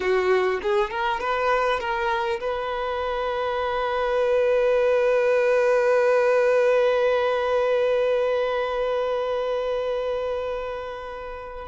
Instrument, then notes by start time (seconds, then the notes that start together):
violin
0.00 F#4
0.62 G#4
0.90 A#4
1.20 B4
1.79 A#4
2.40 B4